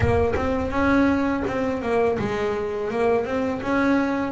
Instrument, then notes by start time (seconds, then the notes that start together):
double bass
0.00 A#3
0.35 C4
0.70 C#4
1.47 C4
1.81 A#3
2.19 G#3
2.90 A#3
3.25 C4
3.62 C#4